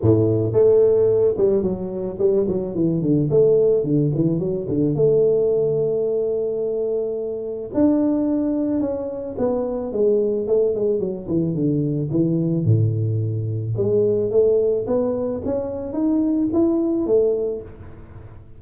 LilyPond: \new Staff \with { instrumentName = "tuba" } { \time 4/4 \tempo 4 = 109 a,4 a4. g8 fis4 | g8 fis8 e8 d8 a4 d8 e8 | fis8 d8 a2.~ | a2 d'2 |
cis'4 b4 gis4 a8 gis8 | fis8 e8 d4 e4 a,4~ | a,4 gis4 a4 b4 | cis'4 dis'4 e'4 a4 | }